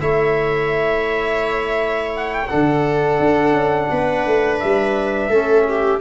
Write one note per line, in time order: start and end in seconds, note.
0.00 2.47 A3
0.00 2.47 E4
0.00 2.49 C#5
0.00 2.12 E5
2.16 2.34 F#5
2.34 2.47 G5
2.47 3.19 D3
2.47 5.31 D4
2.47 3.90 A4
2.47 4.59 F#5
3.19 3.52 D4
3.52 3.87 C#4
3.91 4.26 B3
3.91 5.29 B4
4.26 4.61 A3
4.60 5.29 G3
4.60 6.00 E5
5.29 5.99 A3
5.29 6.00 C#4
5.29 5.65 A4
5.69 6.00 G4